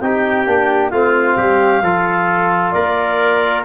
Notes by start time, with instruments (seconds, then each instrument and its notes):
0.00 tuba C4, trombone D#4, trumpet G4, clarinet G5
0.46 tuba A#3, trombone D4
0.89 tuba A3, trombone C4, trumpet F4, clarinet F5
1.36 tuba G3, trumpet G4
1.82 tuba F3, trombone F4, trumpet A4
2.71 tuba A#3, trumpet A#4, clarinet D5